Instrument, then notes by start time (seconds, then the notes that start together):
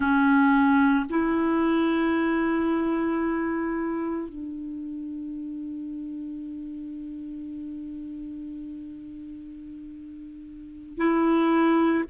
clarinet
0.00 C#4
1.09 E4
4.29 D4
10.97 E4